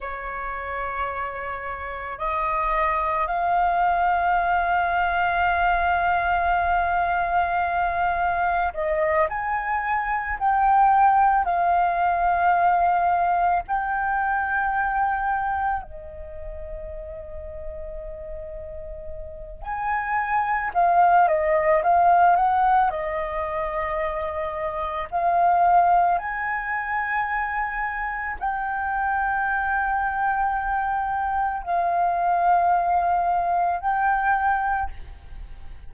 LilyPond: \new Staff \with { instrumentName = "flute" } { \time 4/4 \tempo 4 = 55 cis''2 dis''4 f''4~ | f''1 | dis''8 gis''4 g''4 f''4.~ | f''8 g''2 dis''4.~ |
dis''2 gis''4 f''8 dis''8 | f''8 fis''8 dis''2 f''4 | gis''2 g''2~ | g''4 f''2 g''4 | }